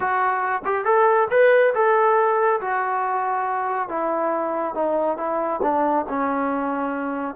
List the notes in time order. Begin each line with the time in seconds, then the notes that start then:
0.00 F#4
0.64 G4
0.84 A4
1.30 B4
1.74 A4
2.60 F#4
3.88 E4
4.74 D#4
5.17 E4
5.62 D4
6.08 C#4